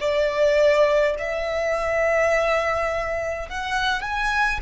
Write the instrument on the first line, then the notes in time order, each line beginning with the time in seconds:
violin
0.00 D5
1.19 E5
3.49 F#5
4.02 G#5